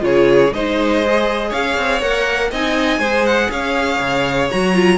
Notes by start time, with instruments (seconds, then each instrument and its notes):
0.00 cello C#3, viola F4, violin G#4 C#5
0.53 cello G#3, viola D#4, violin C5 D#5
1.04 viola G#4
1.49 cello C#4, violin C#5 F5
1.78 cello C4
2.02 cello A#3, viola A#4, violin F#5
2.51 cello C4, viola D#4, violin D#5 G#5
2.99 cello G#3, viola G#4, violin C5
3.26 violin F#5
3.51 cello C#4, violin C#5 F5
4.00 cello C#3
4.51 cello F#3, viola F#4, violin A#5
4.74 viola F4